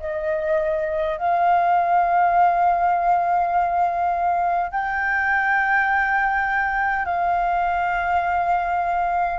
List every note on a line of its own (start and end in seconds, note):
0.00 1.18 D#5
1.18 4.71 F5
4.71 7.05 G5
7.05 9.39 F5